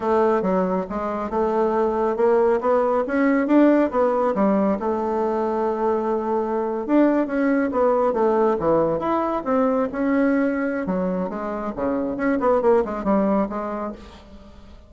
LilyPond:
\new Staff \with { instrumentName = "bassoon" } { \time 4/4 \tempo 4 = 138 a4 fis4 gis4 a4~ | a4 ais4 b4 cis'4 | d'4 b4 g4 a4~ | a2.~ a8. d'16~ |
d'8. cis'4 b4 a4 e16~ | e8. e'4 c'4 cis'4~ cis'16~ | cis'4 fis4 gis4 cis4 | cis'8 b8 ais8 gis8 g4 gis4 | }